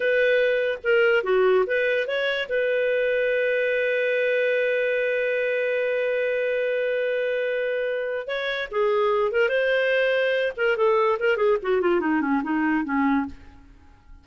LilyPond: \new Staff \with { instrumentName = "clarinet" } { \time 4/4 \tempo 4 = 145 b'2 ais'4 fis'4 | b'4 cis''4 b'2~ | b'1~ | b'1~ |
b'1 | cis''4 gis'4. ais'8 c''4~ | c''4. ais'8 a'4 ais'8 gis'8 | fis'8 f'8 dis'8 cis'8 dis'4 cis'4 | }